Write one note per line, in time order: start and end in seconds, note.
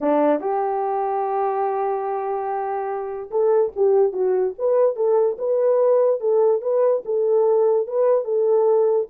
0.00 0.40 D4
0.40 3.30 G4
3.30 3.72 A4
3.76 4.12 G4
4.12 4.54 F#4
4.58 4.95 B4
4.95 5.37 A4
5.38 6.20 B4
6.20 6.61 A4
6.61 7.03 B4
7.05 7.87 A4
7.87 8.24 B4
8.24 9.07 A4